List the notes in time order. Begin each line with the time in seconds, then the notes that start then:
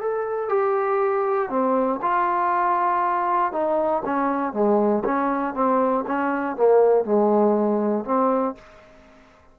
0.00 A4
0.48 G4
1.49 C4
2.01 F4
3.52 D#4
4.05 C#4
4.53 G#3
5.04 C#4
5.54 C4
6.07 C#4
6.56 A#3
7.04 G#3
8.04 C4